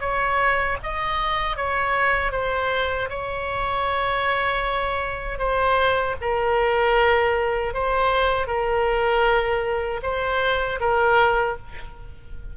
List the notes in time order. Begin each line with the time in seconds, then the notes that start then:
0.00 C#5
0.83 D#5
1.57 C#5
2.31 C5
3.09 C#5
5.38 C5
6.21 A#4
7.73 C5
8.47 A#4
10.02 C5
10.80 A#4